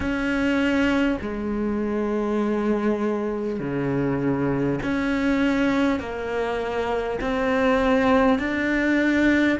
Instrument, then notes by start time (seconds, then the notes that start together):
cello
0.00 C#4
1.21 G#3
3.59 C#3
4.83 C#4
5.99 A#3
7.21 C4
8.38 D4